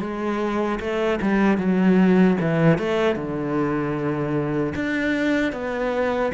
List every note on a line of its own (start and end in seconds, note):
0.00 0.79 G#3
0.80 1.19 A3
1.22 1.58 G3
1.58 2.36 F#3
2.40 2.78 E3
2.78 3.15 A3
3.15 4.73 D3
4.75 5.52 D4
5.52 6.31 B3